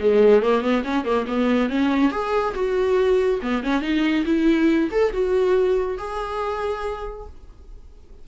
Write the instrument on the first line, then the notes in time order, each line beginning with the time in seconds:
viola
0.00 G#3
0.43 A#3
0.62 B3
0.85 C#4
1.05 A#3
1.27 B3
1.70 C#4
2.12 G#4
2.55 F#4
3.42 B3
3.64 C#4
3.82 D#4
4.26 E4
4.92 A4
5.13 F#4
5.98 G#4